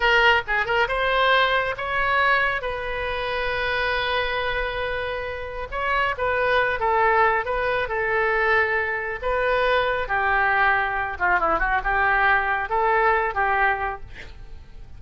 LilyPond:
\new Staff \with { instrumentName = "oboe" } { \time 4/4 \tempo 4 = 137 ais'4 gis'8 ais'8 c''2 | cis''2 b'2~ | b'1~ | b'4 cis''4 b'4. a'8~ |
a'4 b'4 a'2~ | a'4 b'2 g'4~ | g'4. f'8 e'8 fis'8 g'4~ | g'4 a'4. g'4. | }